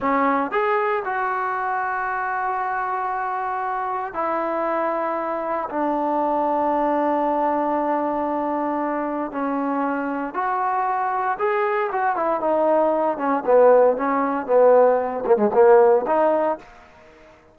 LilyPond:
\new Staff \with { instrumentName = "trombone" } { \time 4/4 \tempo 4 = 116 cis'4 gis'4 fis'2~ | fis'1 | e'2. d'4~ | d'1~ |
d'2 cis'2 | fis'2 gis'4 fis'8 e'8 | dis'4. cis'8 b4 cis'4 | b4. ais16 gis16 ais4 dis'4 | }